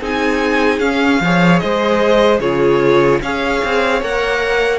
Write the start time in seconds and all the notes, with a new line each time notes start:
0.00 C4 D#4 G#4 G#5
0.79 C#4 F5
1.20 F3 G#4 C#5
1.59 G#3 C5 D#5
2.39 C#3 F4 G#4 C#5
3.21 C#4 G#4 C#5 F5
3.64 C4
4.01 A#3 A#4 F#5